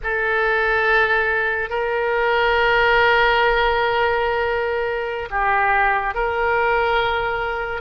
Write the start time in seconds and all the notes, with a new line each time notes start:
0.03 A4
1.69 A#4
5.30 G4
6.14 A#4